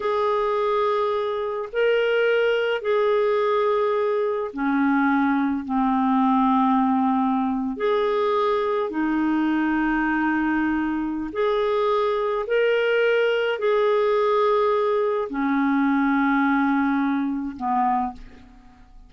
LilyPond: \new Staff \with { instrumentName = "clarinet" } { \time 4/4 \tempo 4 = 106 gis'2. ais'4~ | ais'4 gis'2. | cis'2 c'2~ | c'4.~ c'16 gis'2 dis'16~ |
dis'1 | gis'2 ais'2 | gis'2. cis'4~ | cis'2. b4 | }